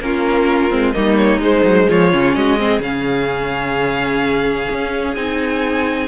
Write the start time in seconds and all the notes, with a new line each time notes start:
0.00 A#3 C#4 F4 A#4
0.69 G#3 C4
0.92 G3 A#3 D#4 D#5
1.16 C#5
1.38 G#3 C5
1.63 F#3
1.89 F3 F4 C#5
2.12 C#3 C#4
2.34 G#3 F#4 D#5
2.58 C4 G#4
2.79 C#3 C#4 F5
4.71 C#4
5.15 C4 D#4 G#5